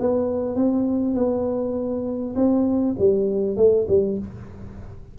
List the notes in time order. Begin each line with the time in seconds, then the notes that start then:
0.00 B3
0.55 C4
1.15 B3
2.36 C4
2.99 G3
3.57 A3
3.88 G3